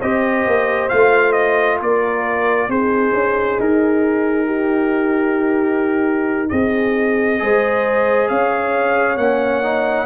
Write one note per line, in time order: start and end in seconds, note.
0.00 0.47 C4
0.00 0.91 G4
0.00 1.79 C5
0.00 0.89 D#5
0.47 0.91 A#3
0.89 1.81 A3
0.89 2.70 F4
0.89 1.33 F5
1.33 1.78 D#5
1.81 2.69 A#3
1.81 2.70 A#4
1.81 2.71 D5
2.69 3.13 C4
2.69 7.39 D#4
2.69 4.47 G#4
2.69 3.60 C5
3.14 3.59 C#4
3.60 6.51 D#4
3.60 6.49 A#4
4.47 6.49 G4
6.49 7.42 C4
6.49 7.40 G#4
6.49 8.29 D#5
7.39 8.30 G#3
7.39 9.18 G#4
7.39 8.31 C5
8.29 9.18 C#4
8.29 10.07 C#5
8.29 9.18 F5
9.18 10.07 A#3
9.18 9.63 C#4
9.18 10.07 F#5
9.63 10.07 D#4